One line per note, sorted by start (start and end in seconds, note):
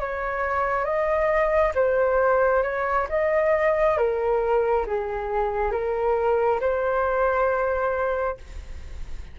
0.00 0.84 C#5
0.84 1.72 D#5
1.75 2.63 C5
2.63 3.07 C#5
3.09 3.97 D#5
3.97 4.86 A#4
4.86 5.72 G#4
5.72 6.60 A#4
6.61 8.37 C5